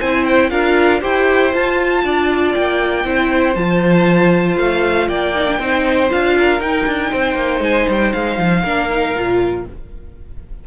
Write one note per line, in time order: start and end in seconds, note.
0.00 0.52 C4
0.00 0.51 E4
0.00 0.51 C5
0.00 0.25 G#5
0.25 0.50 G5
0.50 1.03 D4
0.50 1.01 F4
0.50 1.01 A#4
0.50 1.01 F5
1.01 1.55 E4
1.01 1.52 G4
1.01 2.03 C5
1.01 1.54 G5
1.53 3.06 F4
1.53 2.04 F4
1.53 2.55 A5
2.04 2.55 D4
2.04 3.07 D5
2.55 3.05 A#3
2.55 3.56 G5
3.05 3.56 C4
3.05 3.56 E4
3.05 5.09 C5
3.56 4.58 F3
3.56 5.36 F4
3.56 4.57 A5
4.58 5.09 A3
4.58 5.09 F5
5.09 5.59 A#3
5.09 5.60 D5
5.09 6.11 G5
5.36 5.48 D#4
5.48 5.60 D4
5.59 6.10 C4
5.59 6.10 D#4
5.59 6.37 C5
6.10 6.61 D4
6.10 6.61 F4
6.10 6.61 F5
6.39 7.11 A#4
6.61 6.86 D#4
6.61 8.65 D#4
6.61 7.63 G5
6.87 7.12 D4
7.11 7.36 C4
7.11 8.63 C5
7.36 7.60 A#3
7.60 7.86 G#3
7.60 7.89 G#5
7.89 8.14 G3
7.89 8.14 G5
8.14 8.38 G#3
8.14 9.66 F5
8.38 8.64 F3
8.63 9.16 A#3
8.63 8.90 D4
8.63 9.65 A#4
8.90 9.16 D#4
9.16 9.67 A#2
9.16 9.67 F4